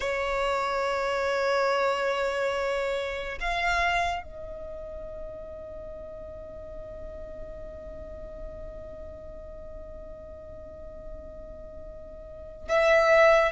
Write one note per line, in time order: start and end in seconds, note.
0.00 3.38 C#5
3.40 4.23 F5
4.23 12.68 D#5
12.68 13.51 E5